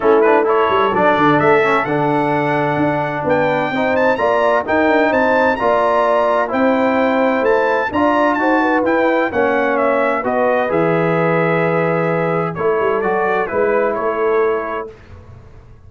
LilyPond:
<<
  \new Staff \with { instrumentName = "trumpet" } { \time 4/4 \tempo 4 = 129 a'8 b'8 cis''4 d''4 e''4 | fis''2. g''4~ | g''8 a''8 ais''4 g''4 a''4 | ais''2 g''2 |
a''4 ais''4 a''4 g''4 | fis''4 e''4 dis''4 e''4~ | e''2. cis''4 | d''4 b'4 cis''2 | }
  \new Staff \with { instrumentName = "horn" } { \time 4/4 e'4 a'2.~ | a'2. b'4 | c''4 d''4 ais'4 c''4 | d''2 c''2~ |
c''4 d''4 c''8 b'4. | cis''2 b'2~ | b'2. a'4~ | a'4 b'4 a'2 | }
  \new Staff \with { instrumentName = "trombone" } { \time 4/4 cis'8 d'8 e'4 d'4. cis'8 | d'1 | dis'4 f'4 dis'2 | f'2 e'2~ |
e'4 f'4 fis'4 e'4 | cis'2 fis'4 gis'4~ | gis'2. e'4 | fis'4 e'2. | }
  \new Staff \with { instrumentName = "tuba" } { \time 4/4 a4. g8 fis8 d8 a4 | d2 d'4 b4 | c'4 ais4 dis'8 d'8 c'4 | ais2 c'2 |
a4 d'4 dis'4 e'4 | ais2 b4 e4~ | e2. a8 g8 | fis4 gis4 a2 | }
>>